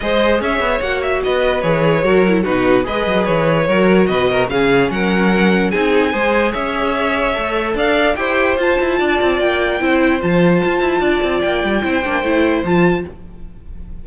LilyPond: <<
  \new Staff \with { instrumentName = "violin" } { \time 4/4 \tempo 4 = 147 dis''4 e''4 fis''8 e''8 dis''4 | cis''2 b'4 dis''4 | cis''2 dis''4 f''4 | fis''2 gis''2 |
e''2. f''4 | g''4 a''2 g''4~ | g''4 a''2. | g''2. a''4 | }
  \new Staff \with { instrumentName = "violin" } { \time 4/4 c''4 cis''2 b'4~ | b'4 ais'4 fis'4 b'4~ | b'4 ais'4 b'8 ais'8 gis'4 | ais'2 gis'4 c''4 |
cis''2. d''4 | c''2 d''2 | c''2. d''4~ | d''4 c''2. | }
  \new Staff \with { instrumentName = "viola" } { \time 4/4 gis'2 fis'2 | gis'4 fis'8 e'8 dis'4 gis'4~ | gis'4 fis'2 cis'4~ | cis'2 dis'4 gis'4~ |
gis'2 a'2 | g'4 f'2. | e'4 f'2.~ | f'4 e'8 d'8 e'4 f'4 | }
  \new Staff \with { instrumentName = "cello" } { \time 4/4 gis4 cis'8 b8 ais4 b4 | e4 fis4 b,4 gis8 fis8 | e4 fis4 b,4 cis4 | fis2 c'4 gis4 |
cis'2 a4 d'4 | e'4 f'8 e'8 d'8 c'8 ais4 | c'4 f4 f'8 e'8 d'8 c'8 | ais8 g8 c'8 ais8 a4 f4 | }
>>